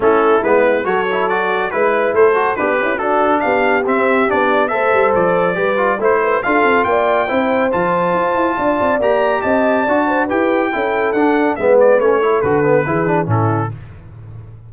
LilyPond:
<<
  \new Staff \with { instrumentName = "trumpet" } { \time 4/4 \tempo 4 = 140 a'4 b'4 cis''4 d''4 | b'4 c''4 b'4 a'4 | f''4 e''4 d''4 e''4 | d''2 c''4 f''4 |
g''2 a''2~ | a''4 ais''4 a''2 | g''2 fis''4 e''8 d''8 | cis''4 b'2 a'4 | }
  \new Staff \with { instrumentName = "horn" } { \time 4/4 e'2 a'2 | b'4 a'4 d'8 e'8 fis'4 | g'2. c''4~ | c''4 b'4 c''8 b'8 a'4 |
d''4 c''2. | d''2 dis''4 d''8 c''8 | b'4 a'2 b'4~ | b'8 a'4. gis'4 e'4 | }
  \new Staff \with { instrumentName = "trombone" } { \time 4/4 cis'4 b4 fis'8 e'8 fis'4 | e'4. fis'8 g'4 d'4~ | d'4 c'4 d'4 a'4~ | a'4 g'8 f'8 e'4 f'4~ |
f'4 e'4 f'2~ | f'4 g'2 fis'4 | g'4 e'4 d'4 b4 | cis'8 e'8 fis'8 b8 e'8 d'8 cis'4 | }
  \new Staff \with { instrumentName = "tuba" } { \time 4/4 a4 gis4 fis2 | gis4 a4 b8 cis'8 d'4 | b4 c'4 b4 a8 g8 | f4 g4 a4 d'8 c'8 |
ais4 c'4 f4 f'8 e'8 | d'8 c'8 ais4 c'4 d'4 | e'4 cis'4 d'4 gis4 | a4 d4 e4 a,4 | }
>>